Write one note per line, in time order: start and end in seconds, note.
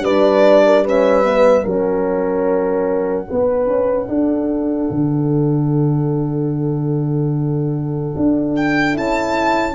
0.00 1.62 G3
0.00 0.86 D4
0.00 0.63 B4
0.00 0.85 D5
0.65 0.84 A#4
0.84 1.24 C#4
0.84 1.64 B4
0.84 1.66 E5
1.24 1.65 B3
1.64 3.28 F#3
1.64 3.28 C#4
1.64 3.26 A#4
1.64 8.55 F#5
3.28 3.67 B3
3.28 8.92 D4
3.28 4.08 B4
3.67 4.08 C#4
4.08 4.90 D4
4.08 9.75 A4
4.90 8.15 D3
8.16 8.97 D4
8.56 8.97 G5
8.92 9.75 C#4
8.92 9.73 E4
8.92 9.75 A5